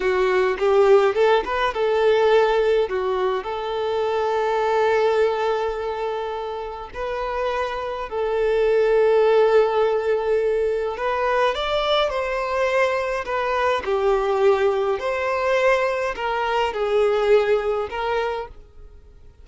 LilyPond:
\new Staff \with { instrumentName = "violin" } { \time 4/4 \tempo 4 = 104 fis'4 g'4 a'8 b'8 a'4~ | a'4 fis'4 a'2~ | a'1 | b'2 a'2~ |
a'2. b'4 | d''4 c''2 b'4 | g'2 c''2 | ais'4 gis'2 ais'4 | }